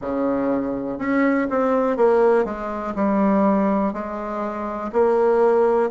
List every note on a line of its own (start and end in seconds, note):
0.00 0.98 C#3
0.98 1.48 C#4
1.50 1.96 C4
1.96 2.45 A#3
2.45 2.94 G#3
2.95 3.93 G3
3.93 4.91 G#3
4.92 5.90 A#3